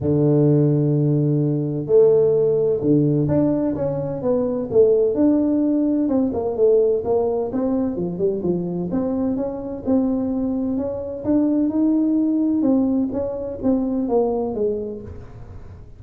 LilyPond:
\new Staff \with { instrumentName = "tuba" } { \time 4/4 \tempo 4 = 128 d1 | a2 d4 d'4 | cis'4 b4 a4 d'4~ | d'4 c'8 ais8 a4 ais4 |
c'4 f8 g8 f4 c'4 | cis'4 c'2 cis'4 | d'4 dis'2 c'4 | cis'4 c'4 ais4 gis4 | }